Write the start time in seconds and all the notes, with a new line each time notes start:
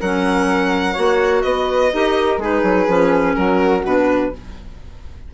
0.00 F#3 C#4 A#4 F#5
0.93 A#3 F#4 C#5
1.42 B3 B4 D#5
1.93 D#4 G4 A#4
2.38 G#3 D#4 G#4
2.44 B4
2.63 F#3
2.88 F3 C#4
3.35 F#3 F#4 A#4
3.84 B2 D4 B4